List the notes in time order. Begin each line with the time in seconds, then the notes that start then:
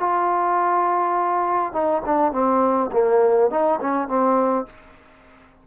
0.00 F4
1.73 D#4
2.06 D4
2.32 C4
2.92 A#3
3.51 D#4
3.81 C#4
4.08 C4